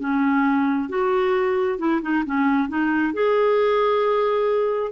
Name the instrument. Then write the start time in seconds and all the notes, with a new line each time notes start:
clarinet
0.00 C#4
0.89 F#4
1.79 E4
2.02 D#4
2.26 C#4
2.69 D#4
3.14 G#4